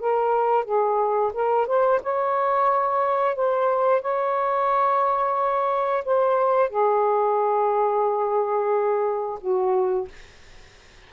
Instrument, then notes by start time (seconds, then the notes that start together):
saxophone
0.00 A#4
0.65 G#4
1.34 A#4
1.67 C5
2.03 C#5
3.36 C5
4.02 C#5
6.05 C5
6.70 G#4
9.41 F#4